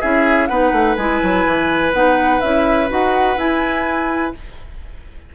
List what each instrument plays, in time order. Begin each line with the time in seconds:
0.00 bassoon C#4, clarinet E4, oboe G#4, flute E5
0.47 bassoon B3, clarinet D#4, oboe B4, flute F#5
0.72 bassoon A3
0.96 bassoon G#3, clarinet E4, flute G#5
1.22 bassoon F#3
1.46 bassoon E3
1.93 bassoon B3, clarinet D#4, flute F#5
2.40 bassoon C#4, clarinet E4, flute E5
2.88 bassoon D#4, clarinet F#4, flute F#5
3.36 bassoon E4, clarinet E4, flute G#5